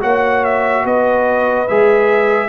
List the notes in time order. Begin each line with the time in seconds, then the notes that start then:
0.00 A#3 F#4 C#5 F#5
0.44 E5
0.84 B3 B4 D#5
1.68 G#3 G#4 E5